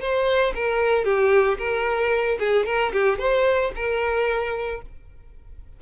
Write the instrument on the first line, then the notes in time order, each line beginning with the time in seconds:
violin
0.00 C5
0.55 A#4
1.05 G4
1.58 A#4
2.39 G#4
2.65 A#4
2.93 G4
3.19 C5
3.75 A#4